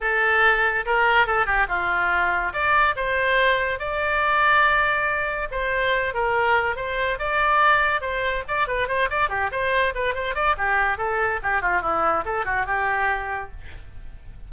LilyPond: \new Staff \with { instrumentName = "oboe" } { \time 4/4 \tempo 4 = 142 a'2 ais'4 a'8 g'8 | f'2 d''4 c''4~ | c''4 d''2.~ | d''4 c''4. ais'4. |
c''4 d''2 c''4 | d''8 b'8 c''8 d''8 g'8 c''4 b'8 | c''8 d''8 g'4 a'4 g'8 f'8 | e'4 a'8 fis'8 g'2 | }